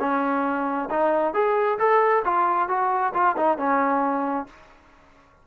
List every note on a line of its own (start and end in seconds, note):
0.00 0.89 C#4
0.90 1.34 D#4
1.34 1.78 G#4
1.79 2.23 A4
2.25 2.69 F4
2.69 3.13 F#4
3.14 3.36 F4
3.37 3.58 D#4
3.58 4.47 C#4